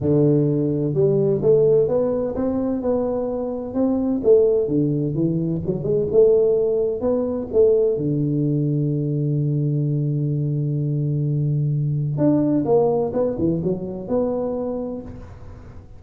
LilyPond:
\new Staff \with { instrumentName = "tuba" } { \time 4/4 \tempo 4 = 128 d2 g4 a4 | b4 c'4 b2 | c'4 a4 d4 e4 | fis8 gis8 a2 b4 |
a4 d2.~ | d1~ | d2 d'4 ais4 | b8 e8 fis4 b2 | }